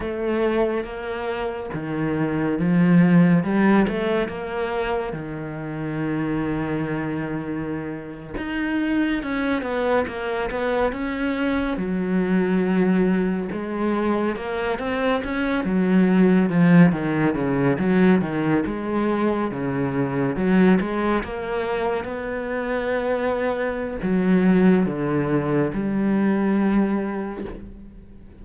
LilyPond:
\new Staff \with { instrumentName = "cello" } { \time 4/4 \tempo 4 = 70 a4 ais4 dis4 f4 | g8 a8 ais4 dis2~ | dis4.~ dis16 dis'4 cis'8 b8 ais16~ | ais16 b8 cis'4 fis2 gis16~ |
gis8. ais8 c'8 cis'8 fis4 f8 dis16~ | dis16 cis8 fis8 dis8 gis4 cis4 fis16~ | fis16 gis8 ais4 b2~ b16 | fis4 d4 g2 | }